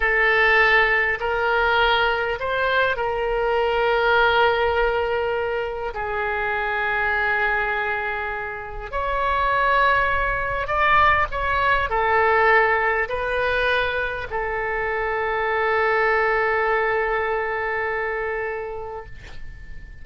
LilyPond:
\new Staff \with { instrumentName = "oboe" } { \time 4/4 \tempo 4 = 101 a'2 ais'2 | c''4 ais'2.~ | ais'2 gis'2~ | gis'2. cis''4~ |
cis''2 d''4 cis''4 | a'2 b'2 | a'1~ | a'1 | }